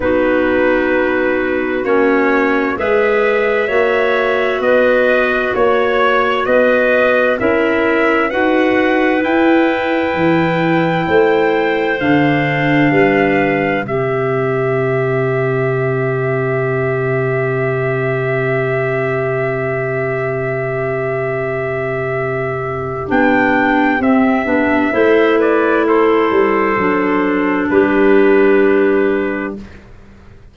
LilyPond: <<
  \new Staff \with { instrumentName = "trumpet" } { \time 4/4 \tempo 4 = 65 b'2 cis''4 e''4~ | e''4 dis''4 cis''4 dis''4 | e''4 fis''4 g''2~ | g''4 f''2 e''4~ |
e''1~ | e''1~ | e''4 g''4 e''4. d''8 | c''2 b'2 | }
  \new Staff \with { instrumentName = "clarinet" } { \time 4/4 fis'2. b'4 | cis''4 b'4 cis''4 b'4 | ais'4 b'2. | c''2 b'4 g'4~ |
g'1~ | g'1~ | g'2. c''8 b'8 | a'2 g'2 | }
  \new Staff \with { instrumentName = "clarinet" } { \time 4/4 dis'2 cis'4 gis'4 | fis'1 | e'4 fis'4 e'2~ | e'4 d'2 c'4~ |
c'1~ | c'1~ | c'4 d'4 c'8 d'8 e'4~ | e'4 d'2. | }
  \new Staff \with { instrumentName = "tuba" } { \time 4/4 b2 ais4 gis4 | ais4 b4 ais4 b4 | cis'4 dis'4 e'4 e4 | a4 d4 g4 c4~ |
c1~ | c1~ | c4 b4 c'8 b8 a4~ | a8 g8 fis4 g2 | }
>>